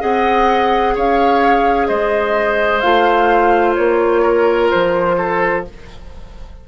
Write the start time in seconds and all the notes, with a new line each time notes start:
0.00 C4 G#4 D#5 F#5
0.95 C#4 C#5 F5
1.87 G#3 C5 D#5
2.80 A3 F4 F5
3.75 A#3 C#5
4.22 A#4
4.70 F3 C5
5.17 A4